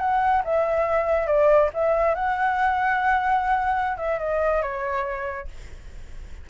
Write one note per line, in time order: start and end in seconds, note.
0.00 0.43 F#5
0.45 1.27 E5
1.27 1.70 D5
1.74 2.15 E5
2.15 3.98 F#5
3.98 4.19 E5
4.20 4.62 D#5
4.62 5.48 C#5